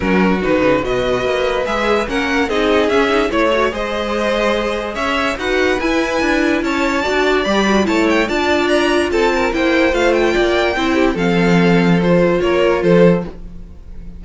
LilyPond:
<<
  \new Staff \with { instrumentName = "violin" } { \time 4/4 \tempo 4 = 145 ais'4 b'4 dis''2 | e''4 fis''4 dis''4 e''4 | cis''4 dis''2. | e''4 fis''4 gis''2 |
a''2 b''4 a''8 g''8 | a''4 ais''4 a''4 g''4 | f''8 g''2~ g''8 f''4~ | f''4 c''4 cis''4 c''4 | }
  \new Staff \with { instrumentName = "violin" } { \time 4/4 fis'2 b'2~ | b'4 ais'4 gis'2 | cis''4 c''2. | cis''4 b'2. |
cis''4 d''2 cis''4 | d''2 a'8 ais'8 c''4~ | c''4 d''4 c''8 g'8 a'4~ | a'2 ais'4 a'4 | }
  \new Staff \with { instrumentName = "viola" } { \time 4/4 cis'4 dis'4 fis'2 | gis'4 cis'4 dis'4 cis'8 dis'8 | e'8 fis'8 gis'2.~ | gis'4 fis'4 e'2~ |
e'4 fis'4 g'8 fis'8 e'4 | f'2. e'4 | f'2 e'4 c'4~ | c'4 f'2. | }
  \new Staff \with { instrumentName = "cello" } { \time 4/4 fis4 dis8 cis8 b,4 ais4 | gis4 ais4 c'4 cis'4 | a4 gis2. | cis'4 dis'4 e'4 d'4 |
cis'4 d'4 g4 a4 | d'2 c'4 ais4 | a4 ais4 c'4 f4~ | f2 ais4 f4 | }
>>